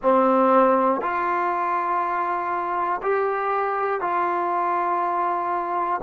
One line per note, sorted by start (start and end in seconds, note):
0.02 1.01 C4
1.01 3.01 F4
3.02 4.00 G4
4.00 6.00 F4